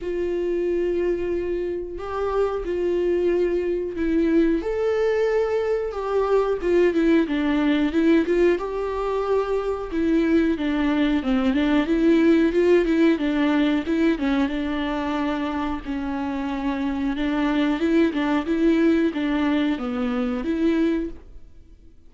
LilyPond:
\new Staff \with { instrumentName = "viola" } { \time 4/4 \tempo 4 = 91 f'2. g'4 | f'2 e'4 a'4~ | a'4 g'4 f'8 e'8 d'4 | e'8 f'8 g'2 e'4 |
d'4 c'8 d'8 e'4 f'8 e'8 | d'4 e'8 cis'8 d'2 | cis'2 d'4 e'8 d'8 | e'4 d'4 b4 e'4 | }